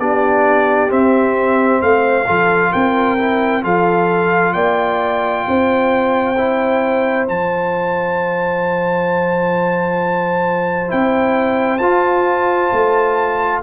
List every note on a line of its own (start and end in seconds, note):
0.00 0.91 B3
0.00 0.89 D4
0.00 1.82 G4
0.00 0.91 D5
0.89 2.25 C4
0.89 1.81 C4
0.89 1.82 E5
1.82 2.28 A3
1.82 2.26 C5
1.82 2.73 F5
2.26 2.73 F3
2.26 3.18 F4
2.26 2.72 A4
2.73 3.64 C4
2.73 3.64 A#4
2.73 3.64 G5
3.19 3.63 E4
3.63 4.55 F3
3.63 6.36 F4
3.63 4.55 A4
3.63 4.53 F5
4.53 5.46 A#3
4.53 5.45 D5
4.53 7.26 G5
5.48 7.29 C4
5.48 13.63 C5
6.38 7.29 E4
7.28 10.92 F3
7.28 10.88 F4
7.28 10.91 A5
10.88 11.80 C4
10.88 11.79 E4
10.88 11.79 G5
11.79 12.71 F4
11.79 13.63 F4
11.79 13.60 A5
12.73 13.63 A3